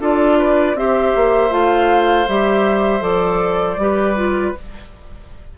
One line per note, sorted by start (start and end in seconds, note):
0.00 0.75 D4
0.00 0.77 F4
0.00 0.39 A4
0.00 0.77 D5
0.39 0.77 B4
0.75 1.13 C4
0.75 1.50 G4
0.75 3.82 C5
0.75 1.53 E5
1.16 1.51 A#3
1.50 2.27 A3
1.50 2.26 F4
1.50 2.28 F5
2.28 3.01 G3
2.28 3.00 G4
2.28 3.03 E5
3.00 3.77 F3
3.00 3.76 A4
3.00 4.55 D5
3.77 4.53 G3
3.77 4.16 G4
3.77 4.58 B4
4.16 4.54 F4